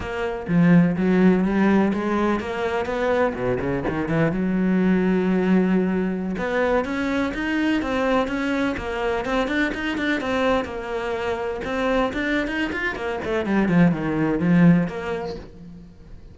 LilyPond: \new Staff \with { instrumentName = "cello" } { \time 4/4 \tempo 4 = 125 ais4 f4 fis4 g4 | gis4 ais4 b4 b,8 cis8 | dis8 e8 fis2.~ | fis4~ fis16 b4 cis'4 dis'8.~ |
dis'16 c'4 cis'4 ais4 c'8 d'16~ | d'16 dis'8 d'8 c'4 ais4.~ ais16~ | ais16 c'4 d'8. dis'8 f'8 ais8 a8 | g8 f8 dis4 f4 ais4 | }